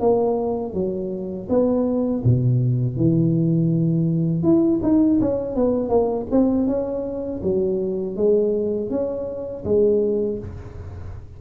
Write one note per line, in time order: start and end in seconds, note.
0.00 0.74 A#3
0.74 1.48 F#3
1.49 2.23 B3
2.25 2.97 B2
2.97 4.43 E3
4.43 4.80 E4
4.83 5.20 D#4
5.22 5.56 C#4
5.56 5.89 B3
5.89 6.26 A#3
6.31 6.67 C4
6.67 7.41 C#4
7.43 8.16 F#3
8.16 8.90 G#3
8.90 9.64 C#4
9.65 10.39 G#3